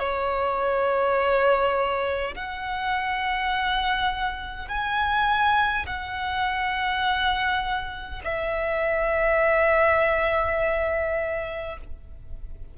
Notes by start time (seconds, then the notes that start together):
0.00 C#5
2.35 F#5
4.68 G#5
5.87 F#5
8.25 E5